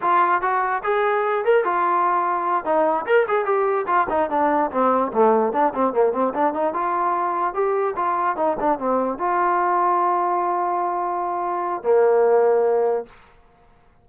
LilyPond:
\new Staff \with { instrumentName = "trombone" } { \time 4/4 \tempo 4 = 147 f'4 fis'4 gis'4. ais'8 | f'2~ f'8 dis'4 ais'8 | gis'8 g'4 f'8 dis'8 d'4 c'8~ | c'8 a4 d'8 c'8 ais8 c'8 d'8 |
dis'8 f'2 g'4 f'8~ | f'8 dis'8 d'8 c'4 f'4.~ | f'1~ | f'4 ais2. | }